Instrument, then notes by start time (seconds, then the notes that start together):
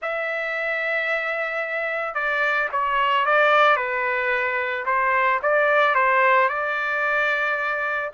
trumpet
0.01 E5
2.14 D5
2.72 C#5
3.25 D5
3.76 B4
4.85 C5
5.42 D5
5.95 C5
6.48 D5